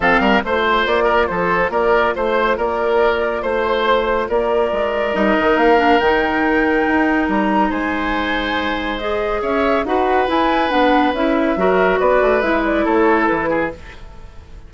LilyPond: <<
  \new Staff \with { instrumentName = "flute" } { \time 4/4 \tempo 4 = 140 f''4 c''4 d''4 c''4 | d''4 c''4 d''2 | c''2 d''2 | dis''4 f''4 g''2~ |
g''4 ais''4 gis''2~ | gis''4 dis''4 e''4 fis''4 | gis''4 fis''4 e''2 | d''4 e''8 d''8 cis''4 b'4 | }
  \new Staff \with { instrumentName = "oboe" } { \time 4/4 a'8 ais'8 c''4. ais'8 a'4 | ais'4 c''4 ais'2 | c''2 ais'2~ | ais'1~ |
ais'2 c''2~ | c''2 cis''4 b'4~ | b'2. ais'4 | b'2 a'4. gis'8 | }
  \new Staff \with { instrumentName = "clarinet" } { \time 4/4 c'4 f'2.~ | f'1~ | f'1 | dis'4. d'8 dis'2~ |
dis'1~ | dis'4 gis'2 fis'4 | e'4 d'4 e'4 fis'4~ | fis'4 e'2. | }
  \new Staff \with { instrumentName = "bassoon" } { \time 4/4 f8 g8 a4 ais4 f4 | ais4 a4 ais2 | a2 ais4 gis4 | g8 dis8 ais4 dis2 |
dis'4 g4 gis2~ | gis2 cis'4 dis'4 | e'4 b4 cis'4 fis4 | b8 a8 gis4 a4 e4 | }
>>